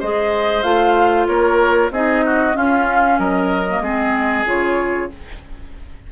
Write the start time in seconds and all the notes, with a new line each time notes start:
0.00 G#3 G#4 C5 D#5
0.63 A3 F4 F5
1.27 A#3 A#4 C#5
1.91 C4 D#4 G#4 D#5
2.26 F#4
2.53 C#4 F4 F5
3.19 F#3 A#4 D#5
3.68 A#3
3.80 G#3 C4 G#4
4.45 C#3 F4 C#5